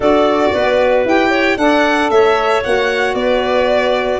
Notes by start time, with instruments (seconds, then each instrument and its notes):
0.00 tuba D4, saxophone F#4, clarinet A4, violin D5
0.52 tuba B3, clarinet B4
1.04 tuba E4, saxophone G4, violin G5
1.30 clarinet C#5
1.57 tuba D4, saxophone A4, clarinet D5, violin F#5
2.10 tuba A3, clarinet C#5, violin E5
2.63 tuba A#3, saxophone F#4, violin F#5
3.14 tuba B3, clarinet B4, violin D5